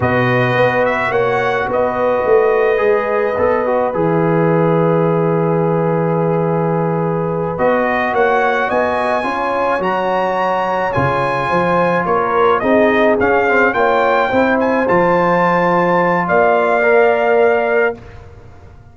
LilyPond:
<<
  \new Staff \with { instrumentName = "trumpet" } { \time 4/4 \tempo 4 = 107 dis''4. e''8 fis''4 dis''4~ | dis''2. e''4~ | e''1~ | e''4. dis''4 fis''4 gis''8~ |
gis''4. ais''2 gis''8~ | gis''4. cis''4 dis''4 f''8~ | f''8 g''4. gis''8 a''4.~ | a''4 f''2. | }
  \new Staff \with { instrumentName = "horn" } { \time 4/4 b'2 cis''4 b'4~ | b'1~ | b'1~ | b'2~ b'8 cis''4 dis''8~ |
dis''8 cis''2.~ cis''8~ | cis''8 c''4 ais'4 gis'4.~ | gis'8 cis''4 c''2~ c''8~ | c''4 d''2. | }
  \new Staff \with { instrumentName = "trombone" } { \time 4/4 fis'1~ | fis'4 gis'4 a'8 fis'8 gis'4~ | gis'1~ | gis'4. fis'2~ fis'8~ |
fis'8 f'4 fis'2 f'8~ | f'2~ f'8 dis'4 cis'8 | c'8 f'4 e'4 f'4.~ | f'2 ais'2 | }
  \new Staff \with { instrumentName = "tuba" } { \time 4/4 b,4 b4 ais4 b4 | a4 gis4 b4 e4~ | e1~ | e4. b4 ais4 b8~ |
b8 cis'4 fis2 cis8~ | cis8 f4 ais4 c'4 cis'8~ | cis'8 ais4 c'4 f4.~ | f4 ais2. | }
>>